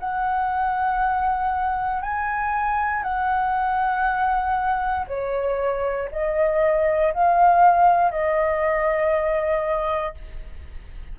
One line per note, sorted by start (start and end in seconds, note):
0.00 2.02 F#5
2.02 3.03 G#5
3.03 5.06 F#5
5.08 6.09 C#5
6.12 7.14 D#5
7.14 8.11 F5
8.11 10.15 D#5